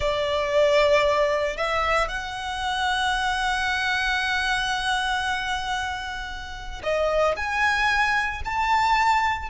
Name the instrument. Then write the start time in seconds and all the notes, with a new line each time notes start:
violin
0.00 D5
1.56 E5
2.08 F#5
6.83 D#5
7.36 G#5
8.44 A5